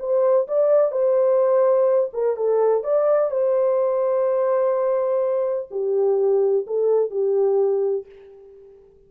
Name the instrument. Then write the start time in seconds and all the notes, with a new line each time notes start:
horn
0.00 C5
0.48 D5
0.92 C5
2.13 A#4
2.37 A4
2.84 D5
3.31 C5
5.71 G4
6.67 A4
7.11 G4